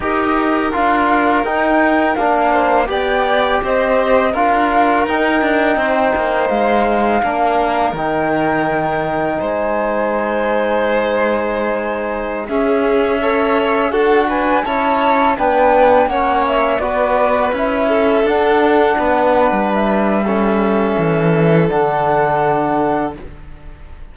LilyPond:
<<
  \new Staff \with { instrumentName = "flute" } { \time 4/4 \tempo 4 = 83 dis''4 f''4 g''4 f''4 | g''4 dis''4 f''4 g''4~ | g''4 f''2 g''4~ | g''4 gis''2.~ |
gis''4~ gis''16 e''2 fis''8 gis''16~ | gis''16 a''4 g''4 fis''8 e''8 d''8.~ | d''16 e''4 fis''2 e''8.~ | e''2 fis''2 | }
  \new Staff \with { instrumentName = "violin" } { \time 4/4 ais'2.~ ais'8 c''8 | d''4 c''4 ais'2 | c''2 ais'2~ | ais'4 c''2.~ |
c''4~ c''16 gis'4 cis''4 a'8 b'16~ | b'16 cis''4 b'4 cis''4 b'8.~ | b'8. a'4. b'4.~ b'16 | a'1 | }
  \new Staff \with { instrumentName = "trombone" } { \time 4/4 g'4 f'4 dis'4 d'4 | g'2 f'4 dis'4~ | dis'2 d'4 dis'4~ | dis'1~ |
dis'4~ dis'16 cis'4 a'4 fis'8.~ | fis'16 e'4 d'4 cis'4 fis'8.~ | fis'16 e'4 d'2~ d'8. | cis'2 d'2 | }
  \new Staff \with { instrumentName = "cello" } { \time 4/4 dis'4 d'4 dis'4 ais4 | b4 c'4 d'4 dis'8 d'8 | c'8 ais8 gis4 ais4 dis4~ | dis4 gis2.~ |
gis4~ gis16 cis'2 d'8.~ | d'16 cis'4 b4 ais4 b8.~ | b16 cis'4 d'4 b8. g4~ | g4 e4 d2 | }
>>